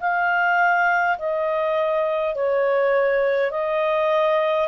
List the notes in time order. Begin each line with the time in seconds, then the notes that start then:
0.00 F5
1.18 D#5
2.35 C#5
3.51 D#5